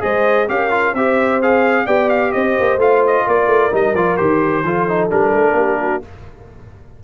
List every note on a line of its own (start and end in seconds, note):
0.00 0.49 G#3
0.00 0.46 G#4
0.00 0.49 C5
0.00 0.48 D#5
0.48 0.94 C#4
0.48 0.71 G4
0.48 0.96 A#4
0.48 0.95 F5
0.71 0.94 F4
0.94 1.86 C4
0.94 1.42 G4
0.94 1.85 C5
0.94 1.41 E5
1.42 1.87 G#4
1.42 1.87 F5
1.85 2.34 B3
1.85 2.79 G4
1.85 2.31 D5
1.85 2.10 G5
2.10 2.32 F5
2.32 2.58 C4
2.32 3.26 C5
2.32 2.78 D#5
2.60 2.77 A#3
2.77 3.23 A3
2.77 3.72 F4
2.77 3.04 F5
3.07 3.28 D#5
3.26 3.47 A#3
3.26 4.64 A#4
3.26 3.75 D5
3.47 3.70 A3
3.72 3.95 G3
3.72 3.95 D#4
3.72 3.95 D#5
3.95 4.18 F3
3.95 4.18 F4
3.95 4.17 D5
4.17 4.64 D#3
4.17 4.64 G4
4.17 5.09 C5
4.64 5.10 F3
4.64 4.89 F4
4.64 5.56 A4
4.89 5.10 D#4
5.10 5.34 G3
5.10 6.02 D4
5.10 6.03 A#4
5.34 5.53 A3
5.53 6.00 A#3
5.53 5.79 G4
5.81 6.04 F#4